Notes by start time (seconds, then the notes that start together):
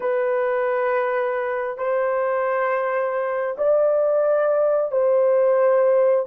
0.00 B4
1.77 C5
3.57 D5
4.91 C5